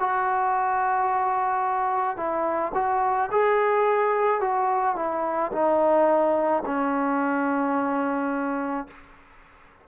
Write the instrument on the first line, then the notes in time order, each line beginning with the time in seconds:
trombone
0.00 F#4
2.17 E4
2.75 F#4
3.32 G#4
4.41 F#4
4.96 E4
5.53 D#4
6.66 C#4